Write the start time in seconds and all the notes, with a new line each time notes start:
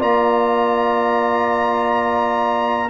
0.00 A#3 F4 D5 A#5